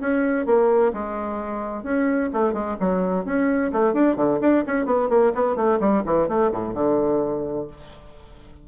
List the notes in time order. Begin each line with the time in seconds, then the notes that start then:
0.00 C#4
0.45 A#3
0.93 G#3
1.83 C#4
2.33 A3
2.53 G#3
2.79 F#3
3.25 C#4
3.72 A3
3.93 D4
4.16 D3
4.41 D4
4.66 C#4
4.85 B3
5.09 A#3
5.34 B3
5.56 A3
5.80 G3
6.05 E3
6.28 A3
6.52 A2
6.74 D3